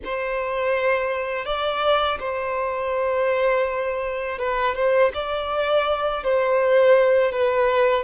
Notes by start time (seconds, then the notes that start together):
0.04 C5
1.45 D5
2.20 C5
4.38 B4
4.75 C5
5.14 D5
6.23 C5
7.32 B4